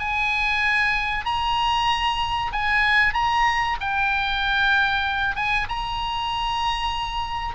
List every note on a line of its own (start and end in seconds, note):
0.00 1.26 G#5
1.26 2.52 A#5
2.53 3.14 G#5
3.14 3.77 A#5
3.81 5.36 G5
5.36 5.68 G#5
5.69 7.55 A#5